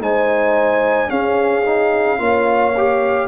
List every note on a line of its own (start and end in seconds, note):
0.00 1.09 G#3
0.00 1.08 D#4
0.00 1.10 C5
0.00 1.10 G#5
1.08 1.62 C#4
1.08 2.19 C#4
1.08 2.19 G#4
1.08 3.28 F5
1.65 2.18 D#4
2.18 3.28 A#3
2.18 2.73 F4
2.18 3.28 C#5
2.77 3.28 G4